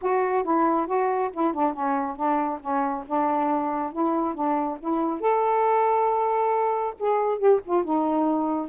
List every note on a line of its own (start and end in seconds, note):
0.01 0.43 F#4
0.43 0.86 E4
0.86 1.30 F#4
1.33 1.53 E4
1.53 1.73 D4
1.73 2.15 C#4
2.15 2.59 D4
2.61 3.04 C#4
3.07 3.92 D4
3.92 4.34 E4
4.34 4.77 D4
4.79 5.20 E4
5.20 6.94 A4
6.99 7.38 G#4
7.38 7.60 G4
7.65 7.84 F4
7.84 8.68 D#4